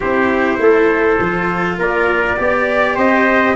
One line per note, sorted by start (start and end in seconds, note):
0.00 0.59 C4
0.00 1.19 E4
0.00 0.59 G4
0.00 1.79 C5
0.59 1.18 A3
0.59 1.78 A4
1.19 1.78 F3
1.19 2.36 F4
1.78 2.37 A#3
1.78 2.38 A#4
1.78 2.97 D5
2.36 2.97 B3
2.36 3.55 G4
2.36 2.95 D5
2.95 3.55 C4
2.95 3.54 C5
2.95 3.55 D#5